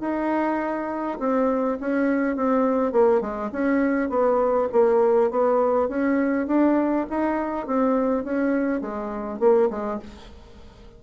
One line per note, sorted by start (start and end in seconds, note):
0.00 1.18 D#4
1.19 1.78 C4
1.80 2.36 C#4
2.36 2.92 C4
2.92 3.21 A#3
3.21 3.50 G#3
3.52 4.09 C#4
4.09 4.68 B3
4.72 5.30 A#3
5.30 5.88 B3
5.88 6.47 C#4
6.47 7.06 D4
7.09 7.67 D#4
7.67 8.24 C4
8.24 8.81 C#4
8.81 9.39 G#3
9.39 9.69 A#3
9.70 9.99 G#3